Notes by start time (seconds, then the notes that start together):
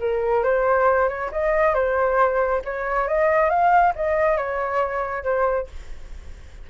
0.00 A#4
0.44 C5
1.09 C#5
1.33 D#5
1.75 C5
2.65 C#5
3.08 D#5
3.50 F5
3.96 D#5
4.38 C#5
5.24 C5